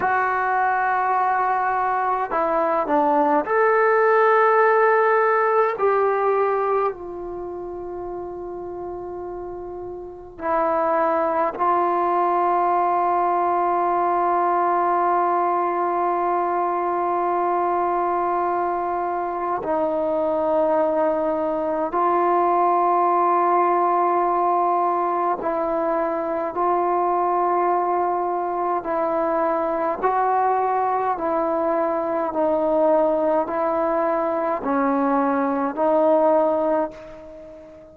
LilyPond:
\new Staff \with { instrumentName = "trombone" } { \time 4/4 \tempo 4 = 52 fis'2 e'8 d'8 a'4~ | a'4 g'4 f'2~ | f'4 e'4 f'2~ | f'1~ |
f'4 dis'2 f'4~ | f'2 e'4 f'4~ | f'4 e'4 fis'4 e'4 | dis'4 e'4 cis'4 dis'4 | }